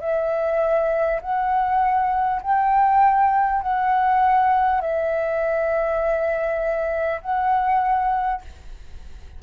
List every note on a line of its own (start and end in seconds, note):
0.00 1.20 E5
1.21 2.41 F#5
2.41 3.61 G5
3.62 4.81 F#5
4.81 7.21 E5
7.21 8.41 F#5